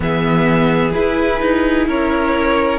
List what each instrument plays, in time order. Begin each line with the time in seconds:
0.00 cello E3, viola B3, violin G#4 E5
0.92 viola E4, cello E4, violin B4
1.40 cello D#4
1.87 cello C#4, violin A#4 C#5